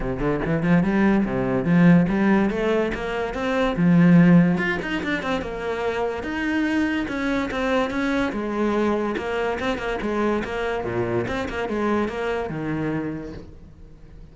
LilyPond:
\new Staff \with { instrumentName = "cello" } { \time 4/4 \tempo 4 = 144 c8 d8 e8 f8 g4 c4 | f4 g4 a4 ais4 | c'4 f2 f'8 dis'8 | d'8 c'8 ais2 dis'4~ |
dis'4 cis'4 c'4 cis'4 | gis2 ais4 c'8 ais8 | gis4 ais4 ais,4 c'8 ais8 | gis4 ais4 dis2 | }